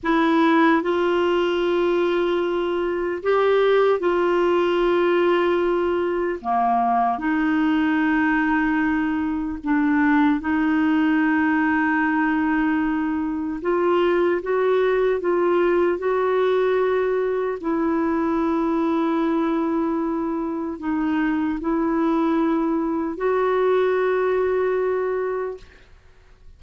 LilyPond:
\new Staff \with { instrumentName = "clarinet" } { \time 4/4 \tempo 4 = 75 e'4 f'2. | g'4 f'2. | ais4 dis'2. | d'4 dis'2.~ |
dis'4 f'4 fis'4 f'4 | fis'2 e'2~ | e'2 dis'4 e'4~ | e'4 fis'2. | }